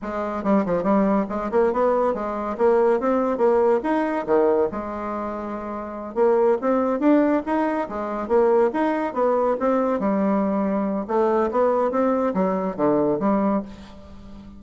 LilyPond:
\new Staff \with { instrumentName = "bassoon" } { \time 4/4 \tempo 4 = 141 gis4 g8 f8 g4 gis8 ais8 | b4 gis4 ais4 c'4 | ais4 dis'4 dis4 gis4~ | gis2~ gis8 ais4 c'8~ |
c'8 d'4 dis'4 gis4 ais8~ | ais8 dis'4 b4 c'4 g8~ | g2 a4 b4 | c'4 fis4 d4 g4 | }